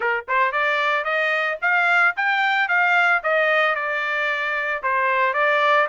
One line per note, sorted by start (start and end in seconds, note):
0.00 0.24 A#4
0.28 0.52 C5
0.52 1.04 D5
1.04 1.58 D#5
1.61 2.15 F5
2.16 2.68 G5
2.68 3.22 F5
3.23 3.75 D#5
3.75 4.82 D5
4.83 5.33 C5
5.33 5.87 D5